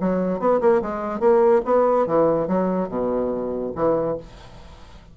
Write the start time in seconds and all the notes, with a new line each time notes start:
0.00 F#3
0.39 B3
0.60 A#3
0.82 G#3
1.20 A#3
1.65 B3
2.07 E3
2.47 F#3
2.89 B2
3.75 E3